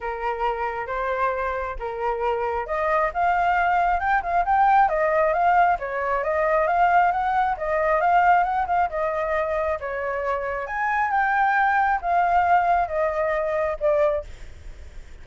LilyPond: \new Staff \with { instrumentName = "flute" } { \time 4/4 \tempo 4 = 135 ais'2 c''2 | ais'2 dis''4 f''4~ | f''4 g''8 f''8 g''4 dis''4 | f''4 cis''4 dis''4 f''4 |
fis''4 dis''4 f''4 fis''8 f''8 | dis''2 cis''2 | gis''4 g''2 f''4~ | f''4 dis''2 d''4 | }